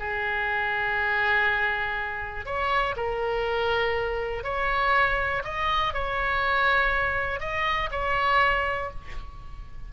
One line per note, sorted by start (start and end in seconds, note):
0.00 2.46 G#4
2.46 2.96 C#5
2.97 4.44 A#4
4.44 5.43 C#5
5.45 5.94 D#5
5.94 7.40 C#5
7.40 7.90 D#5
7.92 8.91 C#5